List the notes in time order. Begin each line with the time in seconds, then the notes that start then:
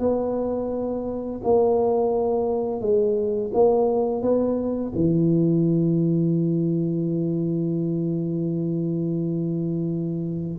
0.00 B3
1.44 A#3
2.81 G#3
3.54 A#3
4.23 B3
4.96 E3